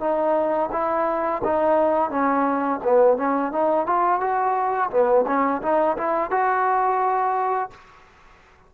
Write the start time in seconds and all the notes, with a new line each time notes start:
0.00 D#4
0.72 E4
1.44 D#4
2.10 C#4
2.84 B3
3.17 C#4
3.52 D#4
3.86 F4
4.21 F#4
4.90 B3
5.27 C#4
5.62 D#4
5.97 E4
6.31 F#4